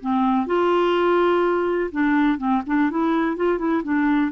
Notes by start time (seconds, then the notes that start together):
0.00 C4
0.46 F4
1.91 D4
2.37 C4
2.66 D4
2.90 E4
3.36 F4
3.58 E4
3.83 D4